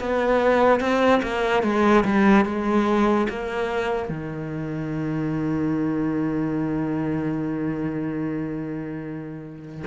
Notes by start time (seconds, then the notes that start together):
0.00 B3
0.80 C4
1.23 A#3
1.63 G#3
2.05 G3
2.45 G#3
3.30 A#3
4.09 D#3